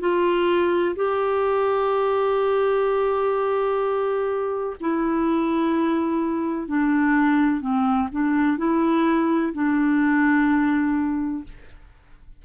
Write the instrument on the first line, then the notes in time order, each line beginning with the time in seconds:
clarinet
0.00 F4
0.96 G4
4.81 E4
6.68 D4
7.61 C4
8.12 D4
8.58 E4
9.54 D4